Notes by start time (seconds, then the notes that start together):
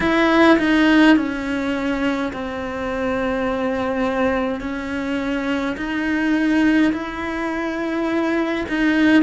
0.00 E4
0.58 D#4
1.16 C#4
2.32 C4
4.60 C#4
5.76 D#4
6.92 E4
8.69 D#4